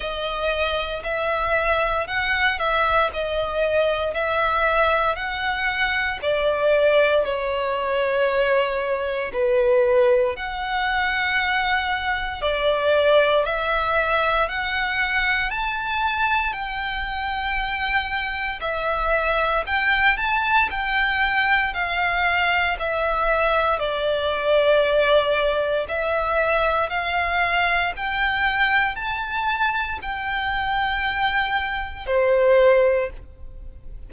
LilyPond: \new Staff \with { instrumentName = "violin" } { \time 4/4 \tempo 4 = 58 dis''4 e''4 fis''8 e''8 dis''4 | e''4 fis''4 d''4 cis''4~ | cis''4 b'4 fis''2 | d''4 e''4 fis''4 a''4 |
g''2 e''4 g''8 a''8 | g''4 f''4 e''4 d''4~ | d''4 e''4 f''4 g''4 | a''4 g''2 c''4 | }